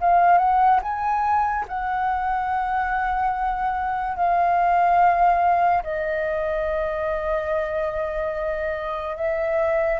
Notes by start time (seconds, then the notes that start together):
0.00 F5
0.38 F#5
0.82 G#5
1.68 F#5
4.16 F5
5.83 D#5
9.16 E5